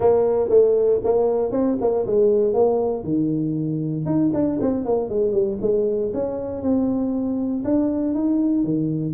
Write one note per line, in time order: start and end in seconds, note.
0.00 0.49 A#3
0.49 1.00 A3
1.04 1.51 A#3
1.51 1.77 C4
1.80 2.06 A#3
2.06 2.53 G#3
2.53 3.03 A#3
3.03 4.05 D#3
4.05 4.31 D#4
4.33 4.59 D4
4.61 4.85 C4
4.85 5.09 A#3
5.09 5.32 G#3
5.32 5.57 G3
5.61 6.12 G#3
6.13 6.61 C#4
6.61 7.63 C4
7.64 8.14 D4
8.14 8.64 D#4
8.64 9.14 D#3